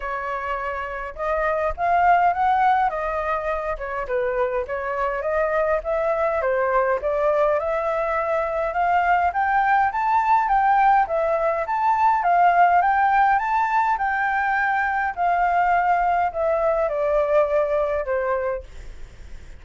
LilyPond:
\new Staff \with { instrumentName = "flute" } { \time 4/4 \tempo 4 = 103 cis''2 dis''4 f''4 | fis''4 dis''4. cis''8 b'4 | cis''4 dis''4 e''4 c''4 | d''4 e''2 f''4 |
g''4 a''4 g''4 e''4 | a''4 f''4 g''4 a''4 | g''2 f''2 | e''4 d''2 c''4 | }